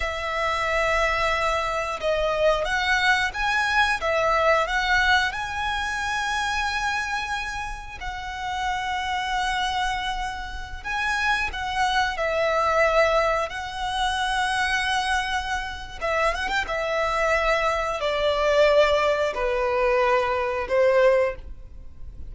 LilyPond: \new Staff \with { instrumentName = "violin" } { \time 4/4 \tempo 4 = 90 e''2. dis''4 | fis''4 gis''4 e''4 fis''4 | gis''1 | fis''1~ |
fis''16 gis''4 fis''4 e''4.~ e''16~ | e''16 fis''2.~ fis''8. | e''8 fis''16 g''16 e''2 d''4~ | d''4 b'2 c''4 | }